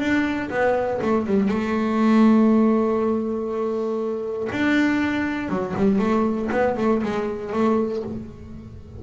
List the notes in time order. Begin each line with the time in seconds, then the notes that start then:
0.00 D4
0.50 B3
1.02 A3
1.27 G3
1.49 A3
4.52 D4
5.49 F#3
5.77 G3
5.99 A3
6.52 B3
6.77 A3
7.03 G#3
7.53 A3